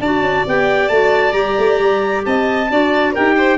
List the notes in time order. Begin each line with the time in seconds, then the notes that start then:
0.00 D4 F#4 D5 A5
0.20 C#4
0.47 B3 G4 G5
0.89 A3 F#4 A5
1.32 G3 G4 A#5
1.58 A3
1.80 G3
2.25 C4 D#5 A5
2.70 D4 F#4 D5
3.13 D#4 G4 A#4 G5
3.37 C5